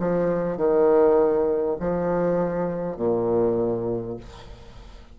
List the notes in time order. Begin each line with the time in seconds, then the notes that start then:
0.00 F3
0.58 D#3
1.80 F3
2.97 A#2